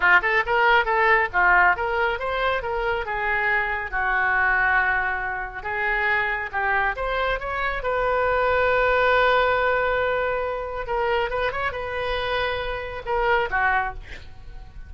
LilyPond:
\new Staff \with { instrumentName = "oboe" } { \time 4/4 \tempo 4 = 138 f'8 a'8 ais'4 a'4 f'4 | ais'4 c''4 ais'4 gis'4~ | gis'4 fis'2.~ | fis'4 gis'2 g'4 |
c''4 cis''4 b'2~ | b'1~ | b'4 ais'4 b'8 cis''8 b'4~ | b'2 ais'4 fis'4 | }